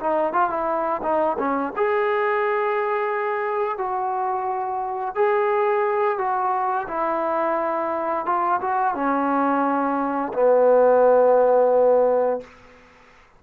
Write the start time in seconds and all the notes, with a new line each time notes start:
0.00 D#4
0.33 F4
0.50 E4
1.02 D#4
1.39 C#4
1.76 G#4
3.78 F#4
5.15 G#4
6.18 F#4
6.88 E4
8.26 F4
8.61 F#4
8.95 C#4
10.33 B3